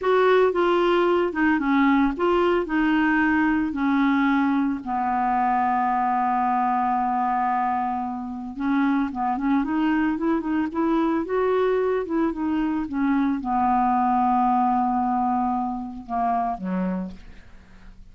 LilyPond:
\new Staff \with { instrumentName = "clarinet" } { \time 4/4 \tempo 4 = 112 fis'4 f'4. dis'8 cis'4 | f'4 dis'2 cis'4~ | cis'4 b2.~ | b1 |
cis'4 b8 cis'8 dis'4 e'8 dis'8 | e'4 fis'4. e'8 dis'4 | cis'4 b2.~ | b2 ais4 fis4 | }